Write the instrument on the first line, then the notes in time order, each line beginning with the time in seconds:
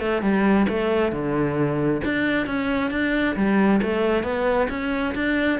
cello
0.00 A3
0.22 G3
0.69 A3
1.12 D3
2.04 D4
2.46 C#4
2.91 D4
3.36 G3
3.82 A3
4.23 B3
4.70 C#4
5.15 D4